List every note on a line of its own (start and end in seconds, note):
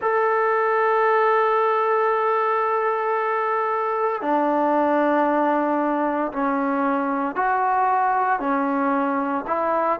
0.01 4.21 A4
4.21 6.32 D4
6.32 7.35 C#4
7.35 8.39 F#4
8.39 9.44 C#4
9.47 9.99 E4